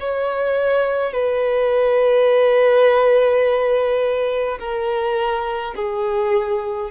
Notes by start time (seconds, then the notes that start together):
0.00 C#5
1.12 B4
4.59 A#4
5.75 G#4